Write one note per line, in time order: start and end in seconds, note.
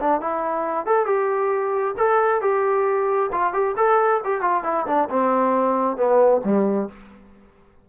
0.00 0.21 D4
0.21 0.86 E4
0.86 1.06 A4
1.06 1.95 G4
1.97 2.41 A4
2.41 3.30 G4
3.32 3.53 F4
3.53 3.75 G4
3.77 4.21 A4
4.24 4.41 G4
4.41 4.63 F4
4.64 4.86 E4
4.86 5.09 D4
5.09 5.97 C4
5.97 6.41 B3
6.44 6.89 G3